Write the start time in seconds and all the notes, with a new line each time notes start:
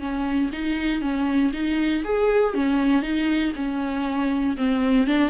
0.00 C#4
0.52 D#4
1.02 C#4
1.54 D#4
2.04 G#4
2.54 C#4
3.02 D#4
3.56 C#4
4.57 C4
5.07 D4